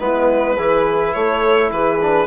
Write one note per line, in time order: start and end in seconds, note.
0.00 0.58 G#3
0.00 0.57 B3
0.00 0.56 E4
0.00 1.14 B4
0.56 1.15 E3
0.56 2.01 E4
0.56 1.13 G#4
1.14 1.72 A3
1.14 1.73 A4
1.14 1.71 C#5
1.72 2.27 E3
1.72 2.27 G#4
1.72 2.27 B4
2.02 2.27 D4